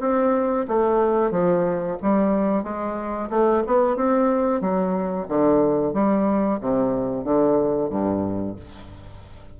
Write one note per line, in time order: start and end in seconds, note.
0.00 0.66 C4
0.68 1.31 A3
1.31 1.97 F3
2.02 2.63 G3
2.63 3.29 G#3
3.30 3.63 A3
3.66 3.96 B3
3.96 4.61 C4
4.61 5.27 F#3
5.28 5.93 D3
5.93 6.59 G3
6.61 7.24 C3
7.24 7.89 D3
7.89 8.55 G2